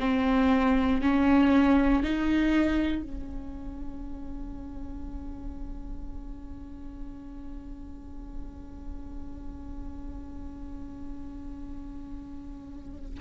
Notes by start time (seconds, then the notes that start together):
0.00 C4
1.02 C#4
2.03 D#4
3.03 C#4